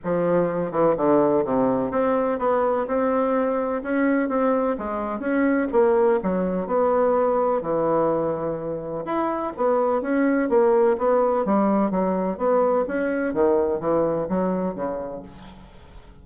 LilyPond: \new Staff \with { instrumentName = "bassoon" } { \time 4/4 \tempo 4 = 126 f4. e8 d4 c4 | c'4 b4 c'2 | cis'4 c'4 gis4 cis'4 | ais4 fis4 b2 |
e2. e'4 | b4 cis'4 ais4 b4 | g4 fis4 b4 cis'4 | dis4 e4 fis4 cis4 | }